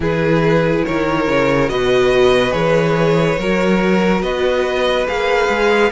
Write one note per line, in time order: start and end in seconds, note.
0.00 0.83 E3
0.00 1.67 E4
0.00 0.85 G#4
0.00 0.85 B4
0.85 1.27 D#3
0.85 1.70 A#4
0.85 1.69 C#5
1.27 1.69 C#3
1.67 2.52 B2
1.67 2.51 F#4
1.67 3.39 B4
1.67 2.51 D#5
2.51 3.37 E3
2.51 3.35 G#4
2.51 4.20 C#5
3.38 4.22 F#3
3.38 5.06 F#4
3.38 4.22 A#4
4.22 5.07 B3
4.22 5.91 B4
4.22 5.07 D#5
5.06 5.49 A#3
5.06 5.91 G#4
5.06 5.91 F5
5.49 5.91 G#3